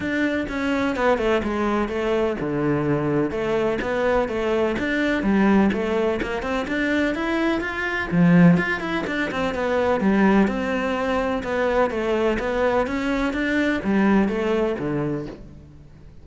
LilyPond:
\new Staff \with { instrumentName = "cello" } { \time 4/4 \tempo 4 = 126 d'4 cis'4 b8 a8 gis4 | a4 d2 a4 | b4 a4 d'4 g4 | a4 ais8 c'8 d'4 e'4 |
f'4 f4 f'8 e'8 d'8 c'8 | b4 g4 c'2 | b4 a4 b4 cis'4 | d'4 g4 a4 d4 | }